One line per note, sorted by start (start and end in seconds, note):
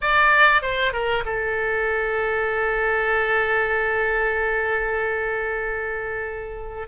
0.01 0.62 D5
0.62 0.92 C5
0.92 1.24 A#4
1.25 6.87 A4